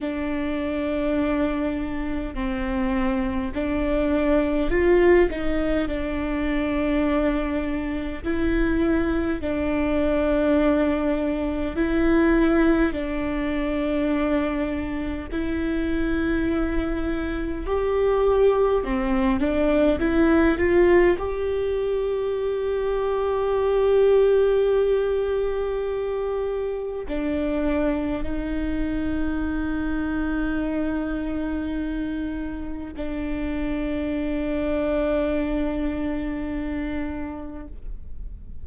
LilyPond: \new Staff \with { instrumentName = "viola" } { \time 4/4 \tempo 4 = 51 d'2 c'4 d'4 | f'8 dis'8 d'2 e'4 | d'2 e'4 d'4~ | d'4 e'2 g'4 |
c'8 d'8 e'8 f'8 g'2~ | g'2. d'4 | dis'1 | d'1 | }